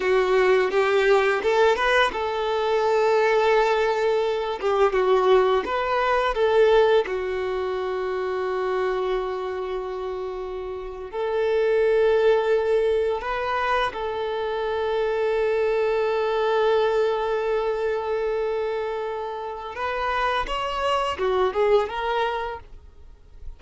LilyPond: \new Staff \with { instrumentName = "violin" } { \time 4/4 \tempo 4 = 85 fis'4 g'4 a'8 b'8 a'4~ | a'2~ a'8 g'8 fis'4 | b'4 a'4 fis'2~ | fis'2.~ fis'8. a'16~ |
a'2~ a'8. b'4 a'16~ | a'1~ | a'1 | b'4 cis''4 fis'8 gis'8 ais'4 | }